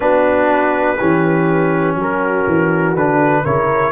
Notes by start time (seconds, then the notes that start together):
0.00 B3 D4 F#4 B4
0.97 E3 C#4 G4
1.95 F#3 F#4 A#4
2.47 E3
2.95 D3 D4 B4
3.43 C#3 E4 A#4 C#5